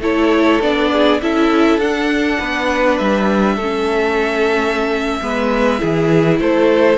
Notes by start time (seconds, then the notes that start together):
0.00 A3 E4 A4 C#5
0.62 B3 D4 D5
0.92 G#4
1.22 C#4 E4 A4 E5
1.78 D4 F#5
2.39 B3 B4
2.98 G3 E5
3.56 A3 A4
3.62 C#4
5.22 G#3 B3 B4
5.79 E3 E4 G#4
6.40 A3 A4 C5